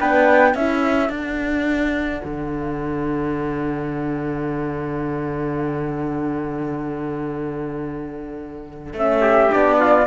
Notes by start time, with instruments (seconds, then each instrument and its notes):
0.00 cello B3, horn D4, trumpet B4, flute G5
0.54 cello C#4, horn E4, trumpet A4, flute E5
1.09 cello D4, horn D4, flute F#5
2.25 cello D3
8.93 cello A3, horn C#4, flute E5
9.21 trumpet G4
9.50 cello B3, horn D4, flute D5
9.80 trumpet F4